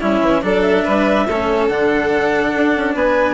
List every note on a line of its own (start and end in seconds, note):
0.00 0.21 G3
0.00 0.42 C#4
0.00 0.42 E4
0.00 0.43 E5
0.21 0.42 E3
0.42 0.85 F#3
0.42 1.26 D4
0.42 0.84 A4
0.42 0.62 D5
0.62 1.67 E5
0.84 1.28 G3
0.84 1.26 B4
1.27 1.69 A3
1.27 1.70 C#4
1.27 2.95 A4
1.68 2.53 D3
1.68 3.34 D4
1.68 2.94 F#5
2.56 2.76 D4
2.76 2.94 C#4
2.94 3.34 B3
2.94 3.34 B4
2.94 3.34 G#5